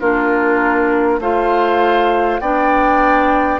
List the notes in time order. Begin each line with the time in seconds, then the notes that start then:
0.00 A#3 D4 F4 A#4
1.19 A3 F4 C5 F5
2.40 B3 D4 D5 G5